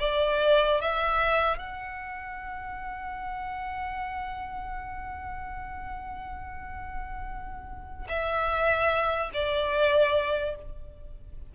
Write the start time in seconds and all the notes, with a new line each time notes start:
0.00 D5
0.81 E5
1.59 F#5
8.09 E5
9.34 D5